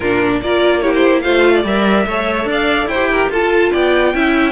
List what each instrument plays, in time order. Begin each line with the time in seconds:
0.00 cello A#2, viola D4, violin F4 A#4
0.41 cello A#3, viola F4, violin A#4 D5
0.81 viola E4, violin G4 C#5
0.94 violin C5
1.21 cello A3, viola F4, violin C5 F5
1.54 violin D5
1.64 cello G3, viola A#4, violin E5
2.06 cello A3, viola A4, violin C#5
2.44 cello D4, violin D5
2.51 violin F5
2.86 cello E4, violin C5 G5
2.94 viola G4
3.10 violin A#4
3.29 cello F4, viola F4, violin A4 A5
3.72 cello B3, violin D5 G5
4.14 cello C#4, viola E4, violin E5